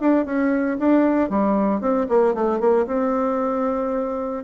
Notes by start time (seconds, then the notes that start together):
0.00 D4
0.26 C#4
0.79 D4
1.30 G3
1.81 C4
2.09 A#3
2.34 A3
2.60 A#3
2.87 C4